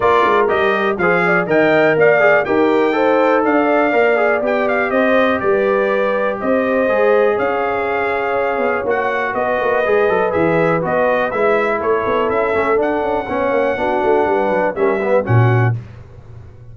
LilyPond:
<<
  \new Staff \with { instrumentName = "trumpet" } { \time 4/4 \tempo 4 = 122 d''4 dis''4 f''4 g''4 | f''4 g''2 f''4~ | f''4 g''8 f''8 dis''4 d''4~ | d''4 dis''2 f''4~ |
f''2 fis''4 dis''4~ | dis''4 e''4 dis''4 e''4 | cis''4 e''4 fis''2~ | fis''2 e''4 fis''4 | }
  \new Staff \with { instrumentName = "horn" } { \time 4/4 ais'2 c''8 d''8 dis''4 | d''4 ais'4 c''4 d''4~ | d''2 c''4 b'4~ | b'4 c''2 cis''4~ |
cis''2. b'4~ | b'1 | a'2. cis''4 | fis'4 b'4 ais'8 b'8 fis'4 | }
  \new Staff \with { instrumentName = "trombone" } { \time 4/4 f'4 g'4 gis'4 ais'4~ | ais'8 gis'8 g'4 a'2 | ais'8 gis'8 g'2.~ | g'2 gis'2~ |
gis'2 fis'2 | gis'8 a'8 gis'4 fis'4 e'4~ | e'4. cis'8 d'4 cis'4 | d'2 cis'8 b8 cis'4 | }
  \new Staff \with { instrumentName = "tuba" } { \time 4/4 ais8 gis8 g4 f4 dis4 | ais4 dis'2 d'4 | ais4 b4 c'4 g4~ | g4 c'4 gis4 cis'4~ |
cis'4. b8 ais4 b8 ais8 | gis8 fis8 e4 b4 gis4 | a8 b8 cis'8 a8 d'8 cis'8 b8 ais8 | b8 a8 g8 fis8 g4 ais,4 | }
>>